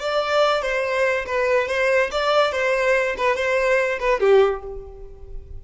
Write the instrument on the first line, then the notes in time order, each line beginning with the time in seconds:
violin
0.00 D5
0.62 C5
1.26 B4
1.68 C5
2.12 D5
2.53 C5
3.18 B4
3.36 C5
4.00 B4
4.21 G4